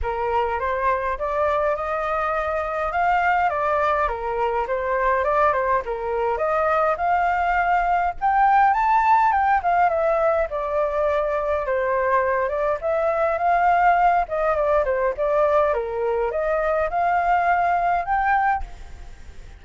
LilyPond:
\new Staff \with { instrumentName = "flute" } { \time 4/4 \tempo 4 = 103 ais'4 c''4 d''4 dis''4~ | dis''4 f''4 d''4 ais'4 | c''4 d''8 c''8 ais'4 dis''4 | f''2 g''4 a''4 |
g''8 f''8 e''4 d''2 | c''4. d''8 e''4 f''4~ | f''8 dis''8 d''8 c''8 d''4 ais'4 | dis''4 f''2 g''4 | }